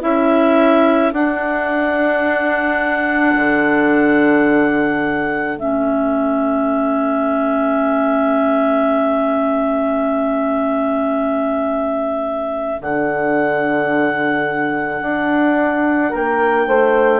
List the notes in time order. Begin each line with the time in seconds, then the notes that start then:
0.00 C#4 E4 A4 E5
1.12 D4 F#5
3.35 D3
5.56 A3 C#4 E5
12.77 D3 D4 F#5
15.01 D4
16.09 A#3 A#4 G5
16.67 A3 C5